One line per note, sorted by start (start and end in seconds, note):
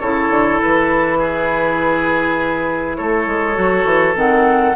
0.00 0.29 C#3
0.00 3.55 E4
0.00 1.18 A4
0.00 0.60 C#5
0.29 0.59 D3
0.61 2.99 E3
0.61 2.96 B4
1.18 2.96 G#4
2.96 3.26 A3
2.96 4.75 A4
2.96 4.15 C#5
3.26 3.56 G#3
3.55 3.84 F#3
3.55 4.14 F#4
3.84 4.14 E3
4.15 4.75 D#3
4.15 4.74 C4
4.15 4.75 F#5